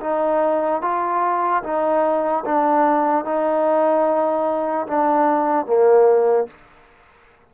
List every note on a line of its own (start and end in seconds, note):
0.00 0.81 D#4
0.81 1.62 F4
1.63 2.44 D#4
2.45 3.24 D4
3.24 4.86 D#4
4.87 5.66 D4
5.66 6.47 A#3